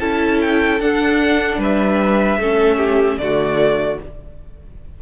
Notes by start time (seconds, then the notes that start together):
0.00 C#4 E4 A4 A5
0.41 G5
0.81 D4 F#5
1.58 G3 B4 E5
2.38 A3 C#4 A4
2.78 G4
3.18 D3 A3 F#4 D5